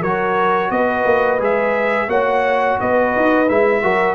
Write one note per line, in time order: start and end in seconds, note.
0.00 0.70 F#3
0.00 1.38 F#4
0.00 0.69 A#4
0.00 0.71 C#5
0.70 1.04 B3
0.70 2.09 B4
0.70 1.40 D#5
1.05 1.39 A#3
1.38 2.07 G#3
1.38 2.07 G#4
1.38 2.09 E5
2.07 2.76 A#3
2.07 3.46 F#4
2.07 2.78 C#5
2.07 2.78 F#5
2.79 3.15 B3
2.79 3.82 B4
2.79 3.48 D#5
3.16 3.49 D#4
3.48 3.83 G#3
3.48 3.82 E4
3.48 4.14 E5
3.82 4.14 F#3
3.82 4.14 F#4
3.82 4.14 A#4